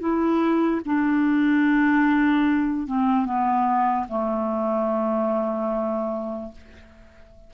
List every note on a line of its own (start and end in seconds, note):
0.00 0.81 E4
0.86 2.87 D4
2.87 3.26 C4
3.26 4.07 B3
4.09 6.52 A3